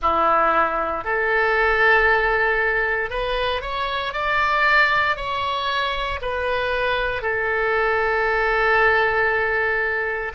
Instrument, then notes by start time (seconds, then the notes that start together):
oboe
0.02 E4
1.04 A4
3.09 B4
3.61 C#5
4.13 D5
5.16 C#5
6.21 B4
7.22 A4